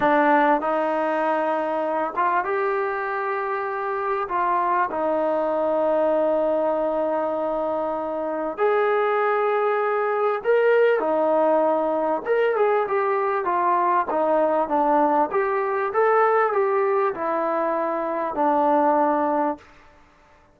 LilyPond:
\new Staff \with { instrumentName = "trombone" } { \time 4/4 \tempo 4 = 98 d'4 dis'2~ dis'8 f'8 | g'2. f'4 | dis'1~ | dis'2 gis'2~ |
gis'4 ais'4 dis'2 | ais'8 gis'8 g'4 f'4 dis'4 | d'4 g'4 a'4 g'4 | e'2 d'2 | }